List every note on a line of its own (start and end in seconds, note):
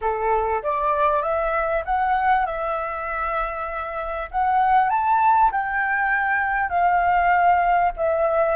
0.01 0.62 A4
0.63 1.22 D5
1.22 1.83 E5
1.85 2.45 F#5
2.45 4.29 E5
4.31 4.89 F#5
4.89 5.50 A5
5.51 6.69 G5
6.69 7.92 F5
7.96 8.55 E5